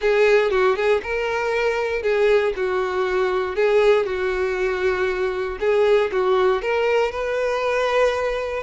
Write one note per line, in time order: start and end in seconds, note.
0.01 0.50 G#4
0.50 0.75 F#4
0.75 1.01 G#4
1.02 2.02 A#4
2.02 2.53 G#4
2.55 3.55 F#4
3.55 4.05 G#4
4.05 5.58 F#4
5.60 6.10 G#4
6.12 6.61 F#4
6.61 7.11 A#4
7.11 8.63 B4